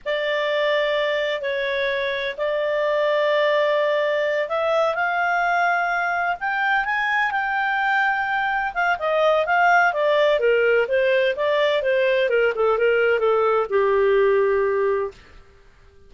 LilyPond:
\new Staff \with { instrumentName = "clarinet" } { \time 4/4 \tempo 4 = 127 d''2. cis''4~ | cis''4 d''2.~ | d''4. e''4 f''4.~ | f''4. g''4 gis''4 g''8~ |
g''2~ g''8 f''8 dis''4 | f''4 d''4 ais'4 c''4 | d''4 c''4 ais'8 a'8 ais'4 | a'4 g'2. | }